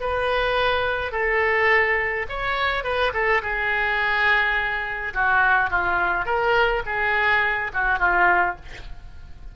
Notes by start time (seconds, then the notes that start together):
0.00 B4
1.11 A4
2.29 C#5
2.83 B4
3.13 A4
3.42 G#4
5.14 F#4
5.70 F4
6.25 A#4
6.85 G#4
7.73 F#4
7.98 F4